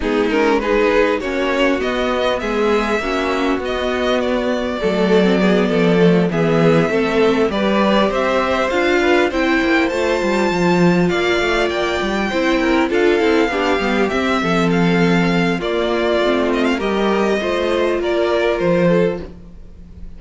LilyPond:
<<
  \new Staff \with { instrumentName = "violin" } { \time 4/4 \tempo 4 = 100 gis'8 ais'8 b'4 cis''4 dis''4 | e''2 dis''4 d''4~ | d''2~ d''8 e''4.~ | e''8 d''4 e''4 f''4 g''8~ |
g''8 a''2 f''4 g''8~ | g''4. f''2 e''8~ | e''8 f''4. d''4. dis''16 f''16 | dis''2 d''4 c''4 | }
  \new Staff \with { instrumentName = "violin" } { \time 4/4 dis'4 gis'4 fis'2 | gis'4 fis'2. | a'4 gis'8 a'4 gis'4 a'8~ | a'8 b'4 c''4. b'8 c''8~ |
c''2~ c''8 d''4.~ | d''8 c''8 ais'8 a'4 g'4. | a'2 f'2 | ais'4 c''4 ais'4. a'8 | }
  \new Staff \with { instrumentName = "viola" } { \time 4/4 b8 cis'8 dis'4 cis'4 b4~ | b4 cis'4 b2 | a8. c'16 b4 a8 b4 c'8~ | c'8 g'2 f'4 e'8~ |
e'8 f'2.~ f'8~ | f'8 e'4 f'8 e'8 d'8 b8 c'8~ | c'2 ais4 c'4 | g'4 f'2. | }
  \new Staff \with { instrumentName = "cello" } { \time 4/4 gis2 ais4 b4 | gis4 ais4 b2 | fis4. f4 e4 a8~ | a8 g4 c'4 d'4 c'8 |
ais8 a8 g8 f4 ais8 a8 ais8 | g8 c'4 d'8 c'8 b8 g8 c'8 | f2 ais4 a4 | g4 a4 ais4 f4 | }
>>